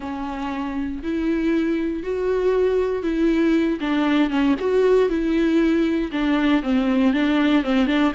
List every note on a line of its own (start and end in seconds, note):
0.00 1.02 C#4
1.02 2.03 E4
2.03 3.03 F#4
3.03 3.79 E4
3.80 4.29 D4
4.29 4.55 C#4
4.59 5.09 F#4
5.09 6.11 E4
6.12 6.62 D4
6.62 7.13 C4
7.13 7.63 D4
7.63 7.87 C4
7.87 8.12 D4